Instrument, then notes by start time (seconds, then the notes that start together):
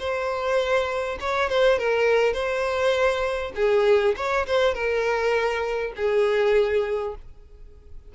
violin
0.00 C5
1.21 C#5
1.50 C5
1.79 A#4
2.34 C5
3.56 G#4
4.17 C#5
4.47 C5
4.74 A#4
5.97 G#4